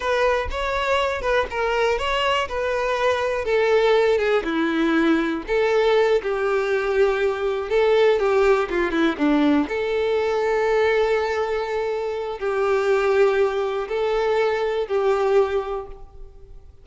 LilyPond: \new Staff \with { instrumentName = "violin" } { \time 4/4 \tempo 4 = 121 b'4 cis''4. b'8 ais'4 | cis''4 b'2 a'4~ | a'8 gis'8 e'2 a'4~ | a'8 g'2. a'8~ |
a'8 g'4 f'8 e'8 d'4 a'8~ | a'1~ | a'4 g'2. | a'2 g'2 | }